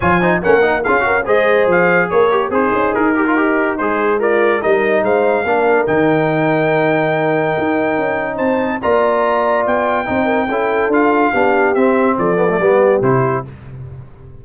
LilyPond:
<<
  \new Staff \with { instrumentName = "trumpet" } { \time 4/4 \tempo 4 = 143 gis''4 fis''4 f''4 dis''4 | f''4 cis''4 c''4 ais'4~ | ais'4 c''4 d''4 dis''4 | f''2 g''2~ |
g''1 | a''4 ais''2 g''4~ | g''2 f''2 | e''4 d''2 c''4 | }
  \new Staff \with { instrumentName = "horn" } { \time 4/4 cis''8 c''8 ais'4 gis'8 ais'8 c''4~ | c''4 ais'4 dis'2~ | dis'2 f'4 ais'4 | c''4 ais'2.~ |
ais'1 | c''4 d''2. | c''8 ais'8 a'2 g'4~ | g'4 a'4 g'2 | }
  \new Staff \with { instrumentName = "trombone" } { \time 4/4 f'8 dis'8 cis'8 dis'8 f'8 fis'8 gis'4~ | gis'4. g'8 gis'4. g'16 f'16 | g'4 gis'4 ais'4 dis'4~ | dis'4 d'4 dis'2~ |
dis'1~ | dis'4 f'2. | dis'4 e'4 f'4 d'4 | c'4. b16 a16 b4 e'4 | }
  \new Staff \with { instrumentName = "tuba" } { \time 4/4 f4 ais4 cis'4 gis4 | f4 ais4 c'8 cis'8 dis'4~ | dis'4 gis2 g4 | gis4 ais4 dis2~ |
dis2 dis'4 cis'4 | c'4 ais2 b4 | c'4 cis'4 d'4 b4 | c'4 f4 g4 c4 | }
>>